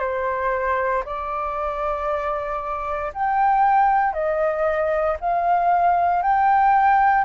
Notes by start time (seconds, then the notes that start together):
0.00 C5
1.06 D5
3.14 G5
4.14 D#5
5.21 F5
6.23 G5